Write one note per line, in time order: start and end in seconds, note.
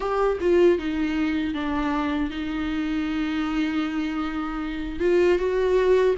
0.00 0.38 G4
0.40 0.78 F4
0.78 1.54 D#4
1.54 2.30 D4
2.30 4.99 D#4
4.99 5.38 F4
5.38 6.15 F#4